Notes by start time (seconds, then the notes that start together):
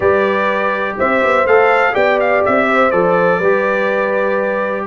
0.00 G3 G4 B4 D5
0.97 C4 C5 E5
1.23 B3
1.45 A3 A4 F5
1.92 B3 G4 D5 G5
2.20 F5
2.45 C4 E5
2.67 C5
2.91 F3 A4 D5
3.38 G3 G4 B4